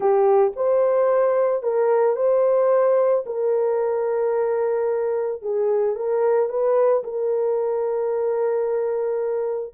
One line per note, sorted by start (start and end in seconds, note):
0.00 0.52 G4
0.56 1.62 C5
1.62 2.16 A#4
2.16 3.24 C5
3.26 5.42 A#4
5.42 5.95 G#4
5.95 6.49 A#4
6.49 7.03 B4
7.03 9.73 A#4